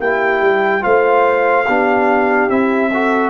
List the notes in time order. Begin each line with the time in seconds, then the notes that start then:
0.00 A#3 E4 G4 G5
0.42 G3
0.81 A3 F4 C5 F5
1.66 B3 D4 G4
2.49 C4 E4 E5
2.93 F#4 A4